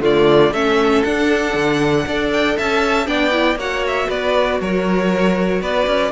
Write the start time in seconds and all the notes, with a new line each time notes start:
0.00 D3 A3 F4 D5
0.52 A3 C#4 A4 E5
1.03 D4 F#5
1.54 D3
2.06 D4 A4 D5
2.32 G5
2.57 C#4 E5 A5
3.06 B3 D4 D5 G5
3.32 E4
3.55 A#3 F#4 C#5 F#5
3.87 E5
4.07 B3 B4 D5
4.60 F#3 A#4 C#5
5.61 B3 B4 D5
5.87 C#4